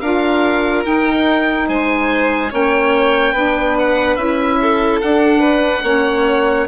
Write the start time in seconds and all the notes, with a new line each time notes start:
0.00 D4 F4 A#4 F5
0.84 D#4 G5
1.68 G#3 C5 G#5
2.50 A#3 C#4 C#5 G5
3.32 B3 D4 B4
3.78 F#5
4.16 C#4 E4 E5
4.61 A4
5.01 D4 F#5
5.40 B4
5.83 A#3 C#4 C#5